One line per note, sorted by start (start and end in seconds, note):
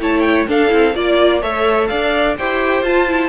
0.00 0.48 A3
0.00 0.48 E4
0.00 0.49 C#5
0.00 0.21 A5
0.21 0.44 G5
0.48 0.69 D4
0.48 0.73 D4
0.48 0.96 A4
0.48 0.96 F5
0.69 0.96 C4
0.69 0.93 E4
0.95 1.43 A#3
0.95 1.42 F4
0.95 1.41 D5
0.95 1.43 D5
1.41 1.91 A3
1.41 2.37 A4
1.41 1.89 C#5
1.41 1.88 E5
1.88 2.39 D4
1.88 2.37 D5
1.88 2.35 F5
2.38 2.83 E4
2.38 2.85 G4
2.38 3.29 C5
2.38 2.85 G5
2.83 3.29 F4
2.83 3.08 F4
2.83 3.29 A5
3.08 3.29 E4